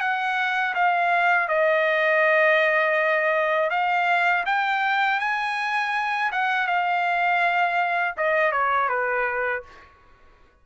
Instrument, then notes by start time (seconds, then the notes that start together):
trumpet
0.00 F#5
0.74 F5
1.48 D#5
3.70 F5
4.45 G5
5.20 G#5
6.32 F#5
6.67 F5
8.17 D#5
8.52 C#5
8.89 B4